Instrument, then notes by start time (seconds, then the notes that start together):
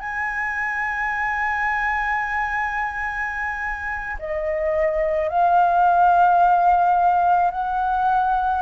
flute
0.00 G#5
4.19 D#5
5.29 F5
7.51 F#5